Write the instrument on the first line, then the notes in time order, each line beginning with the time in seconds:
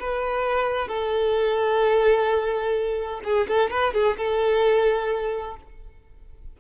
violin
0.00 B4
0.89 A4
3.24 G#4
3.48 A4
3.71 B4
3.94 G#4
4.17 A4